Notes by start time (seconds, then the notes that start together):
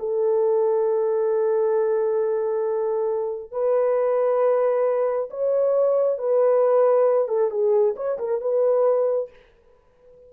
0.00 A4
3.52 B4
5.31 C#5
6.19 B4
7.29 A4
7.51 G#4
7.97 C#5
8.19 A#4
8.41 B4